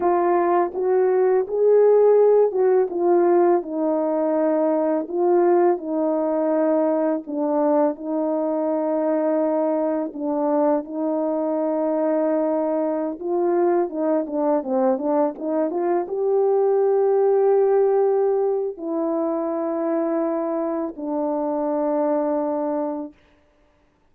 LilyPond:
\new Staff \with { instrumentName = "horn" } { \time 4/4 \tempo 4 = 83 f'4 fis'4 gis'4. fis'8 | f'4 dis'2 f'4 | dis'2 d'4 dis'4~ | dis'2 d'4 dis'4~ |
dis'2~ dis'16 f'4 dis'8 d'16~ | d'16 c'8 d'8 dis'8 f'8 g'4.~ g'16~ | g'2 e'2~ | e'4 d'2. | }